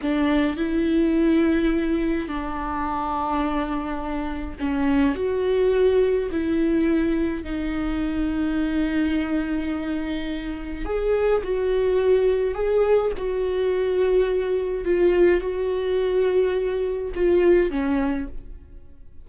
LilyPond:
\new Staff \with { instrumentName = "viola" } { \time 4/4 \tempo 4 = 105 d'4 e'2. | d'1 | cis'4 fis'2 e'4~ | e'4 dis'2.~ |
dis'2. gis'4 | fis'2 gis'4 fis'4~ | fis'2 f'4 fis'4~ | fis'2 f'4 cis'4 | }